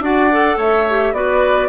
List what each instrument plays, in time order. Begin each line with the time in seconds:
0.00 bassoon D4, clarinet F#4, oboe D5, flute F#5
0.31 clarinet A4
0.56 bassoon A3, oboe C#5, flute E5
0.89 clarinet G4
1.12 bassoon B3, clarinet F#4, oboe B4, flute D5